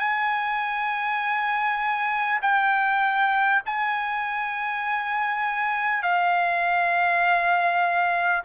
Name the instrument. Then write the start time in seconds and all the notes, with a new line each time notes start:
trumpet
0.00 G#5
2.42 G5
3.66 G#5
6.03 F5